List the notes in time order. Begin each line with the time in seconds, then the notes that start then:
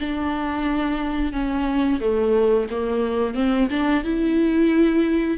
0.00 D4
1.33 C#4
2.00 A3
2.71 A#3
3.35 C4
3.70 D4
4.04 E4